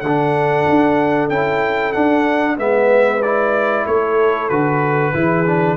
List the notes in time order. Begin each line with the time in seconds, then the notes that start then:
0.00 D3 A4 F#5
0.07 D4
0.69 D4
1.29 C#4 E4 G5
1.92 D4 F#5
2.57 G#3 B3 B4 E5
3.22 E4 D5
3.86 A3 A4 C#5
4.49 D3 F#4 B4
5.13 E3 E4 G#4
5.45 D4